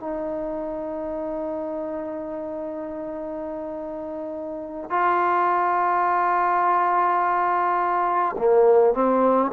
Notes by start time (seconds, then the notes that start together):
0.00 D#4
4.90 F4
8.38 A#3
8.94 C4